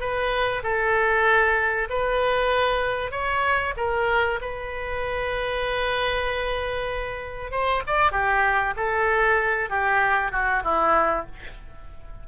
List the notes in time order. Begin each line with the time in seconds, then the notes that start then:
0.00 B4
0.64 A4
1.90 B4
3.11 C#5
3.77 A#4
4.41 B4
7.51 C5
7.87 D5
8.12 G4
8.77 A4
9.70 G4
10.32 F#4
10.64 E4